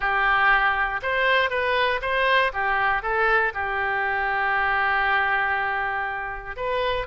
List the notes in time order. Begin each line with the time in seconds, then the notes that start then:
0.00 G4
1.02 C5
1.50 B4
2.01 C5
2.53 G4
3.02 A4
3.54 G4
6.56 B4